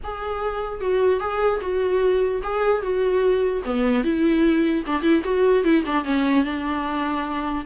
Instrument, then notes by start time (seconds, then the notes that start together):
viola
0.03 G#4
0.81 F#4
1.20 G#4
1.61 F#4
2.43 G#4
2.82 F#4
3.64 B3
4.03 E4
4.86 D4
5.02 E4
5.23 F#4
5.64 E4
5.85 D4
6.04 C#4
6.44 D4